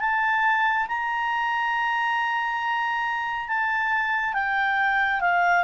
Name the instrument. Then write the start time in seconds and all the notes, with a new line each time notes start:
clarinet
0.00 A5
0.88 A#5
3.48 A5
4.34 G5
5.21 F5